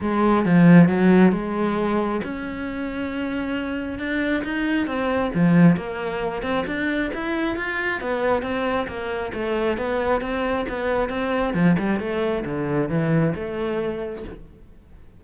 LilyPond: \new Staff \with { instrumentName = "cello" } { \time 4/4 \tempo 4 = 135 gis4 f4 fis4 gis4~ | gis4 cis'2.~ | cis'4 d'4 dis'4 c'4 | f4 ais4. c'8 d'4 |
e'4 f'4 b4 c'4 | ais4 a4 b4 c'4 | b4 c'4 f8 g8 a4 | d4 e4 a2 | }